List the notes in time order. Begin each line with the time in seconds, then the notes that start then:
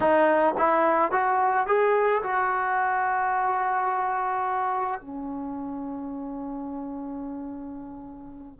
0.00 D#4
0.57 E4
1.11 F#4
1.66 G#4
2.22 F#4
5.01 C#4